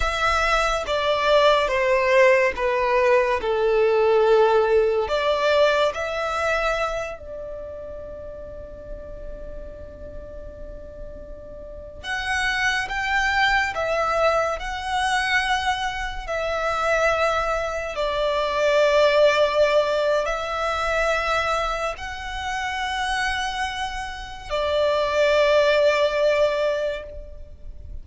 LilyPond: \new Staff \with { instrumentName = "violin" } { \time 4/4 \tempo 4 = 71 e''4 d''4 c''4 b'4 | a'2 d''4 e''4~ | e''8 d''2.~ d''8~ | d''2~ d''16 fis''4 g''8.~ |
g''16 e''4 fis''2 e''8.~ | e''4~ e''16 d''2~ d''8. | e''2 fis''2~ | fis''4 d''2. | }